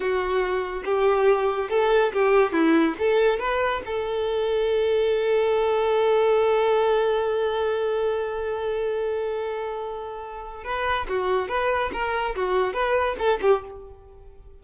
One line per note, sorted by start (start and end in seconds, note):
0.00 0.83 F#4
0.85 1.69 G4
1.69 2.12 A4
2.12 2.52 G4
2.52 2.95 E4
2.98 3.39 A4
3.39 3.81 B4
3.85 10.64 A4
10.64 11.06 B4
11.09 11.48 F#4
11.48 11.91 B4
11.92 12.35 A#4
12.35 12.73 F#4
12.73 13.16 B4
13.18 13.40 A4
13.41 13.62 G4